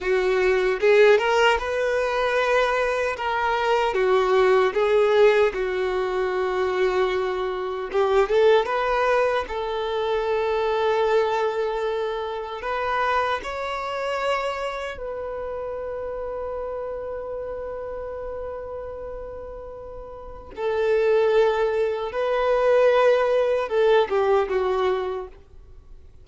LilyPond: \new Staff \with { instrumentName = "violin" } { \time 4/4 \tempo 4 = 76 fis'4 gis'8 ais'8 b'2 | ais'4 fis'4 gis'4 fis'4~ | fis'2 g'8 a'8 b'4 | a'1 |
b'4 cis''2 b'4~ | b'1~ | b'2 a'2 | b'2 a'8 g'8 fis'4 | }